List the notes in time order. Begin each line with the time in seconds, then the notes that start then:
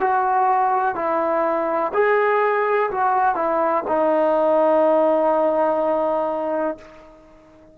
0.00 F#4
0.95 E4
1.93 G#4
2.90 F#4
3.35 E4
3.87 D#4